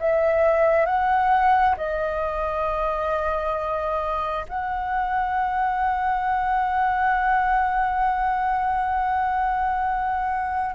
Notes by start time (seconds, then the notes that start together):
0.00 E5
0.86 F#5
1.77 D#5
4.49 F#5